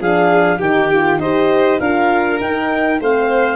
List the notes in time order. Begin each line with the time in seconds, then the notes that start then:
0.00 F3 D4 G#4 F5
0.59 D#3 D#4 G4 G5
0.93 F4
1.19 D#4 G4 C5 D#5
1.80 D4 F4 A#4 F5
2.41 D#4 G5
3.01 A3 C4 C5 F5